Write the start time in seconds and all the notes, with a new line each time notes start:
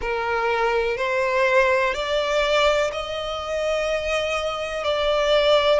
0.01 A#4
0.97 C5
1.94 D5
2.92 D#5
4.83 D5